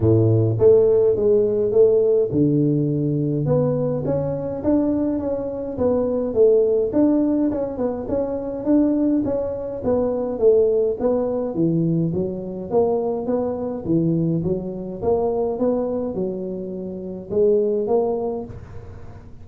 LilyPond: \new Staff \with { instrumentName = "tuba" } { \time 4/4 \tempo 4 = 104 a,4 a4 gis4 a4 | d2 b4 cis'4 | d'4 cis'4 b4 a4 | d'4 cis'8 b8 cis'4 d'4 |
cis'4 b4 a4 b4 | e4 fis4 ais4 b4 | e4 fis4 ais4 b4 | fis2 gis4 ais4 | }